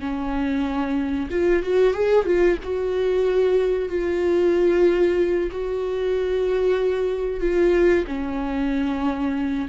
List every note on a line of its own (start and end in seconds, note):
0.00 1.29 C#4
1.31 1.63 F4
1.63 1.94 F#4
1.94 2.26 G#4
2.26 2.58 F4
2.64 3.89 F#4
3.89 5.50 F4
5.51 7.40 F#4
7.40 8.05 F4
8.07 9.69 C#4